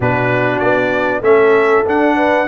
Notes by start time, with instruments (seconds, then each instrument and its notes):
0.00 tuba B2, trombone D4, horn F#4, trumpet B4
0.59 tuba B3, trumpet D5
1.21 tuba A3, trombone C#4, horn A4, trumpet E5
1.85 trombone D4, tuba D4, trumpet F#5
2.16 horn B4